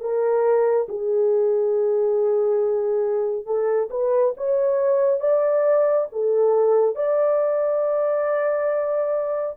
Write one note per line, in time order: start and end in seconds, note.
0.00 0.87 A#4
0.89 3.46 G#4
3.46 3.89 A4
3.90 4.34 B4
4.37 5.20 C#5
5.20 6.07 D5
6.12 6.95 A4
6.95 9.56 D5